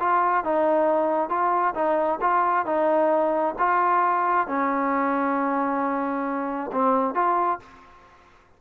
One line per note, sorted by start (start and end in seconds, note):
0.00 0.44 F4
0.44 1.29 D#4
1.29 1.74 F4
1.75 2.19 D#4
2.21 2.66 F4
2.66 3.55 D#4
3.59 4.47 F4
4.47 6.71 C#4
6.72 7.15 C4
7.15 7.60 F4